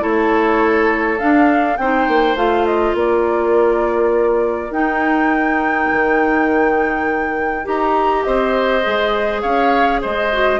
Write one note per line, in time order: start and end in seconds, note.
0.00 1.21 A3
0.00 1.18 E4
0.00 1.78 A4
0.00 1.19 C#5
1.19 1.78 D4
1.19 1.79 D4
1.19 1.77 F5
1.77 2.08 C4
1.77 2.36 D#4
1.77 2.97 C5
1.77 2.36 G5
2.08 2.35 A#3
2.35 2.94 A3
2.35 4.72 F4
2.35 2.66 F5
2.66 2.95 D#5
2.94 4.71 A#3
2.94 8.26 A#4
2.94 4.73 D5
4.71 5.88 D#4
4.71 7.64 D#4
4.71 7.67 G5
5.92 7.67 D#3
7.64 8.26 D#4
7.64 8.82 G4
7.64 8.23 A#5
8.23 8.86 C4
8.23 9.42 C5
8.23 9.41 D#5
8.83 9.44 G#3
8.83 10.30 G#4
9.42 10.02 C#4
9.42 10.01 C#5
9.42 10.00 F5
10.02 10.60 G#3
10.02 10.60 C5
10.02 10.60 D#5
10.33 10.60 F#4